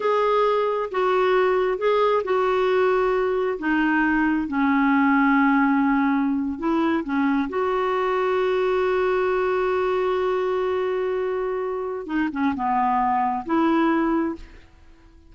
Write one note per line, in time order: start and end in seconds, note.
0.00 0.89 G#4
0.91 1.78 F#4
1.78 2.22 G#4
2.23 3.58 F#4
3.58 4.47 D#4
4.47 6.58 C#4
6.58 7.03 E4
7.04 7.48 C#4
7.49 12.06 F#4
12.06 12.28 D#4
12.32 12.54 C#4
12.55 13.45 B3
13.45 14.35 E4